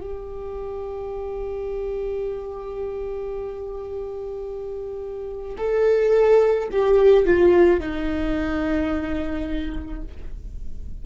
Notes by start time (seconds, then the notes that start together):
0.00 G4
5.57 A4
6.71 G4
7.25 F4
7.80 D#4